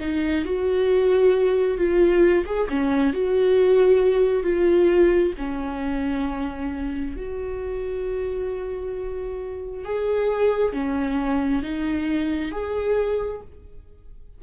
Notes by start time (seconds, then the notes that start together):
0.00 D#4
0.45 F#4
1.77 F4
2.45 G#4
2.69 C#4
3.13 F#4
4.43 F4
5.38 C#4
7.16 F#4
9.85 G#4
10.73 C#4
11.62 D#4
12.52 G#4